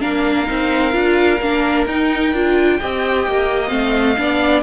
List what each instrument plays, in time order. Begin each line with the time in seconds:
0.00 cello A#3, viola D4, violin A#4 F5
0.46 cello C4, viola D#4
0.92 cello D4, viola F4
1.40 cello A#3, viola D4
1.86 cello D#4, viola D#4, violin G5
2.33 cello D4, viola F4
2.80 cello C4, viola G4, violin D#5
3.27 cello A#3
3.67 cello A3, viola C4, violin F5
4.17 cello B3, viola D4, violin D5